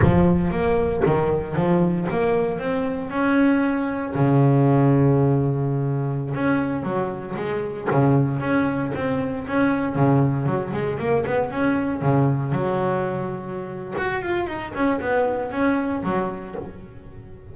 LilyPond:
\new Staff \with { instrumentName = "double bass" } { \time 4/4 \tempo 4 = 116 f4 ais4 dis4 f4 | ais4 c'4 cis'2 | cis1~ | cis16 cis'4 fis4 gis4 cis8.~ |
cis16 cis'4 c'4 cis'4 cis8.~ | cis16 fis8 gis8 ais8 b8 cis'4 cis8.~ | cis16 fis2~ fis8. fis'8 f'8 | dis'8 cis'8 b4 cis'4 fis4 | }